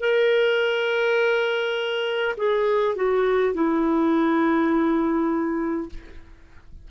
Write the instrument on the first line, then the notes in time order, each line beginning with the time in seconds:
clarinet
0.00 A#4
2.37 G#4
2.95 F#4
3.53 E4